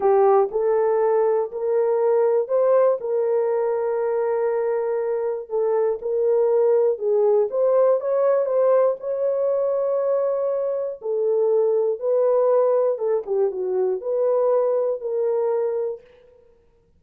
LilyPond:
\new Staff \with { instrumentName = "horn" } { \time 4/4 \tempo 4 = 120 g'4 a'2 ais'4~ | ais'4 c''4 ais'2~ | ais'2. a'4 | ais'2 gis'4 c''4 |
cis''4 c''4 cis''2~ | cis''2 a'2 | b'2 a'8 g'8 fis'4 | b'2 ais'2 | }